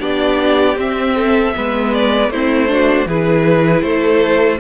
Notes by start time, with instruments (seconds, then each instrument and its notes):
0.00 cello B3, viola D4, violin G4 D5
0.76 viola C4, cello C4, violin E5
1.16 violin A4
1.55 cello G#3, viola B3, violin B4
1.94 violin D5
2.29 cello A3, viola C4, violin E4 C5
2.68 viola D4, violin F#4
3.06 cello E3, viola E4, violin G#4 B4
3.82 cello A3, violin A4 C5